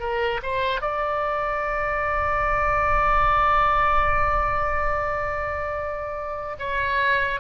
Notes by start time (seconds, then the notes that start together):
0.00 A#4
0.43 C5
0.81 D5
6.59 C#5